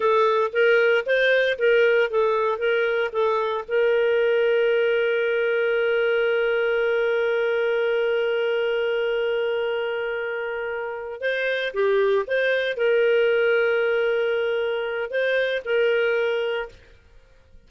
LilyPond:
\new Staff \with { instrumentName = "clarinet" } { \time 4/4 \tempo 4 = 115 a'4 ais'4 c''4 ais'4 | a'4 ais'4 a'4 ais'4~ | ais'1~ | ais'1~ |
ais'1~ | ais'4. c''4 g'4 c''8~ | c''8 ais'2.~ ais'8~ | ais'4 c''4 ais'2 | }